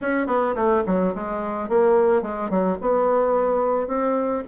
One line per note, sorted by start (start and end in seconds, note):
0.01 0.27 C#4
0.27 0.54 B3
0.55 0.83 A3
0.86 1.14 F#3
1.14 1.68 G#3
1.68 2.22 A#3
2.22 2.49 G#3
2.49 2.77 F#3
2.81 3.87 B3
3.87 4.43 C4